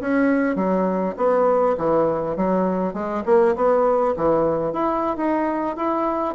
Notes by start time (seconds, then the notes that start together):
0.00 C#4
0.55 F#3
1.16 B3
1.77 E3
2.36 F#3
2.93 G#3
3.25 A#3
3.55 B3
4.16 E3
4.72 E4
5.17 D#4
5.76 E4